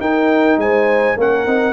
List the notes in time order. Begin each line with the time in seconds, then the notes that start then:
0.00 D#4 A#4 G5
0.57 G#3 C5 G#5
1.17 A#3 C#4 A#4 F#5
1.47 C4 D#4